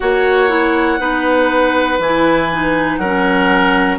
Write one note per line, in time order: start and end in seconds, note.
0.00 0.99 A#3
0.00 0.48 F#4
0.00 1.00 C#5
0.00 1.99 F#5
0.49 0.98 E4
0.98 1.98 B3
0.98 1.98 D#4
0.98 2.99 B4
1.98 2.98 E3
1.98 2.52 E4
1.98 2.97 G#5
2.52 3.02 D#4
2.97 3.98 F#3
2.97 3.98 A#4
2.97 3.97 F#5
3.04 3.98 C#4